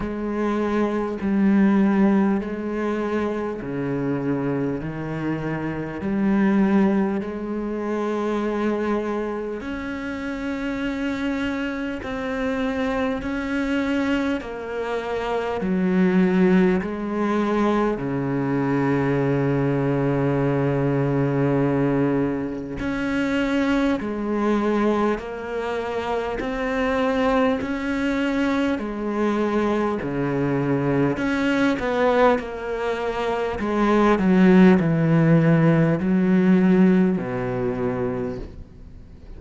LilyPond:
\new Staff \with { instrumentName = "cello" } { \time 4/4 \tempo 4 = 50 gis4 g4 gis4 cis4 | dis4 g4 gis2 | cis'2 c'4 cis'4 | ais4 fis4 gis4 cis4~ |
cis2. cis'4 | gis4 ais4 c'4 cis'4 | gis4 cis4 cis'8 b8 ais4 | gis8 fis8 e4 fis4 b,4 | }